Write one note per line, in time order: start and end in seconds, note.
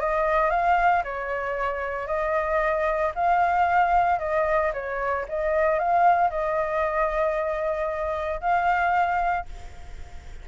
0.00 0.50 D#5
0.50 1.03 F5
1.04 2.07 C#5
2.07 3.12 D#5
3.15 4.19 F5
4.19 4.72 D#5
4.73 5.26 C#5
5.29 5.79 D#5
5.79 6.30 F5
6.30 8.41 D#5
8.41 9.46 F5